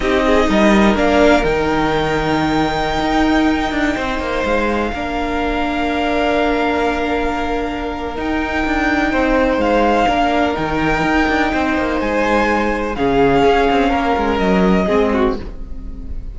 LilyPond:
<<
  \new Staff \with { instrumentName = "violin" } { \time 4/4 \tempo 4 = 125 dis''2 f''4 g''4~ | g''1~ | g''4~ g''16 f''2~ f''8.~ | f''1~ |
f''4 g''2. | f''2 g''2~ | g''4 gis''2 f''4~ | f''2 dis''2 | }
  \new Staff \with { instrumentName = "violin" } { \time 4/4 g'8 gis'8 ais'2.~ | ais'1~ | ais'16 c''2 ais'4.~ ais'16~ | ais'1~ |
ais'2. c''4~ | c''4 ais'2. | c''2. gis'4~ | gis'4 ais'2 gis'8 fis'8 | }
  \new Staff \with { instrumentName = "viola" } { \time 4/4 dis'2 d'4 dis'4~ | dis'1~ | dis'2~ dis'16 d'4.~ d'16~ | d'1~ |
d'4 dis'2.~ | dis'4 d'4 dis'2~ | dis'2. cis'4~ | cis'2. c'4 | }
  \new Staff \with { instrumentName = "cello" } { \time 4/4 c'4 g4 ais4 dis4~ | dis2~ dis16 dis'4. d'16~ | d'16 c'8 ais8 gis4 ais4.~ ais16~ | ais1~ |
ais4 dis'4 d'4 c'4 | gis4 ais4 dis4 dis'8 d'8 | c'8 ais8 gis2 cis4 | cis'8 c'8 ais8 gis8 fis4 gis4 | }
>>